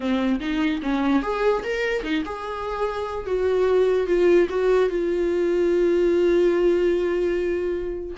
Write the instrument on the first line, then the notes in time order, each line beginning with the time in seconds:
viola
0.00 C4
0.40 D#4
0.82 C#4
1.22 G#4
1.63 A#4
2.03 D#4
2.25 G#4
3.26 F#4
4.06 F4
4.49 F#4
4.89 F4